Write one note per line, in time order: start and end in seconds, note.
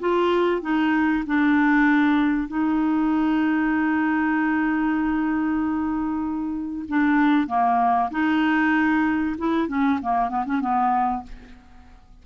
0.00 0.62 F4
0.62 1.24 D#4
1.26 2.48 D4
2.48 6.85 D#4
6.88 7.47 D4
7.47 8.10 A#3
8.11 9.36 D#4
9.38 9.68 E4
9.68 9.99 C#4
10.02 10.29 A#3
10.29 10.45 B3
10.45 10.61 C#4
10.61 11.23 B3